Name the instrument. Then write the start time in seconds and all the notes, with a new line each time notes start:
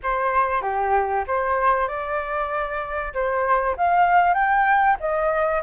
flute
0.03 C5
0.61 G4
1.27 C5
1.88 D5
3.13 C5
3.77 F5
4.34 G5
4.99 D#5